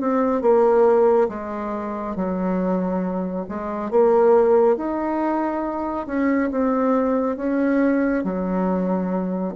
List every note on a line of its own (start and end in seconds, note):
0.00 0.41 C4
0.41 1.28 A#3
1.28 2.15 G#3
2.15 3.46 F#3
3.48 3.90 G#3
3.90 4.76 A#3
4.76 6.06 D#4
6.06 6.50 C#4
6.51 7.36 C4
7.36 8.23 C#4
8.24 9.54 F#3